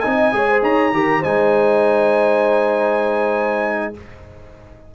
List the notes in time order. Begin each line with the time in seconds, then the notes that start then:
0.00 C4 D#4 D#5 G#5
0.32 G#3 G#4 C#5
0.48 C5
0.62 D#4 C#5 A#5
0.92 D#3 G4 A#4
1.20 G#3 D#4 C5 G#5